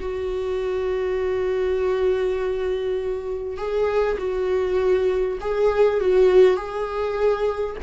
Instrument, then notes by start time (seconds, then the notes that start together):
viola
0.00 F#4
3.58 G#4
4.18 F#4
5.41 G#4
6.01 F#4
6.57 G#4